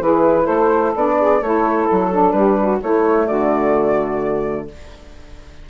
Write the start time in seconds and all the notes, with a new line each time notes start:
0.00 E3 E4 G#4 B4
0.44 A3 A4 C5
0.95 B3 D4 D5
1.19 G#4
1.41 A3 E4 A4 C#5
1.86 F#3 A4
2.11 D4
2.31 G3 G4 B4
2.60 F#4
2.80 A3 E4 C#5
3.27 D3 F#4 D5